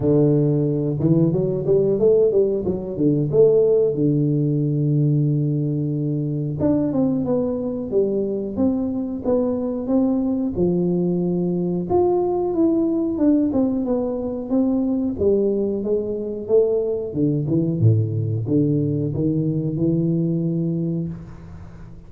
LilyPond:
\new Staff \with { instrumentName = "tuba" } { \time 4/4 \tempo 4 = 91 d4. e8 fis8 g8 a8 g8 | fis8 d8 a4 d2~ | d2 d'8 c'8 b4 | g4 c'4 b4 c'4 |
f2 f'4 e'4 | d'8 c'8 b4 c'4 g4 | gis4 a4 d8 e8 a,4 | d4 dis4 e2 | }